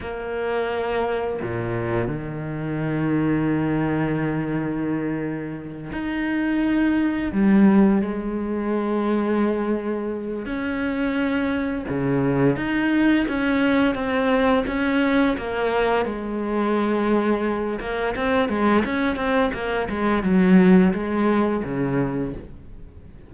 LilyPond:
\new Staff \with { instrumentName = "cello" } { \time 4/4 \tempo 4 = 86 ais2 ais,4 dis4~ | dis1~ | dis8 dis'2 g4 gis8~ | gis2. cis'4~ |
cis'4 cis4 dis'4 cis'4 | c'4 cis'4 ais4 gis4~ | gis4. ais8 c'8 gis8 cis'8 c'8 | ais8 gis8 fis4 gis4 cis4 | }